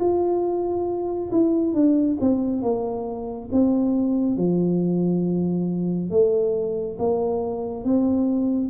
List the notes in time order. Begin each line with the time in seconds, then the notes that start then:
0.00 F4
1.32 E4
1.74 D4
2.21 C4
2.62 A#3
3.52 C4
4.37 F3
6.10 A3
6.99 A#3
7.84 C4